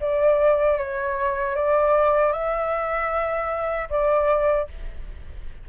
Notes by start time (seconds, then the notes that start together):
0.00 D5
0.78 C#5
1.55 D5
2.32 E5
3.89 D5